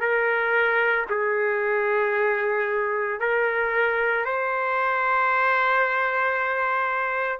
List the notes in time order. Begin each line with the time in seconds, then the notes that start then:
0.00 A#4
1.09 G#4
3.20 A#4
4.24 C5